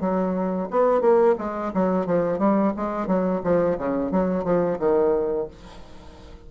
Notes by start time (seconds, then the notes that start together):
0.00 F#3
0.70 B3
1.01 A#3
1.38 G#3
1.74 F#3
2.06 F3
2.39 G3
2.76 G#3
3.07 F#3
3.44 F3
3.78 C#3
4.11 F#3
4.44 F3
4.79 D#3